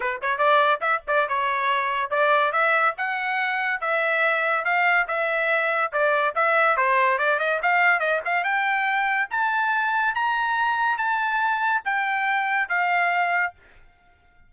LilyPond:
\new Staff \with { instrumentName = "trumpet" } { \time 4/4 \tempo 4 = 142 b'8 cis''8 d''4 e''8 d''8 cis''4~ | cis''4 d''4 e''4 fis''4~ | fis''4 e''2 f''4 | e''2 d''4 e''4 |
c''4 d''8 dis''8 f''4 dis''8 f''8 | g''2 a''2 | ais''2 a''2 | g''2 f''2 | }